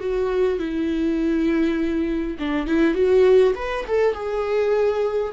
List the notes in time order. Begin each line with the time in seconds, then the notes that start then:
0.00 F#4
0.59 E4
2.40 D4
2.67 E4
2.95 F#4
3.55 B4
3.88 A4
4.14 G#4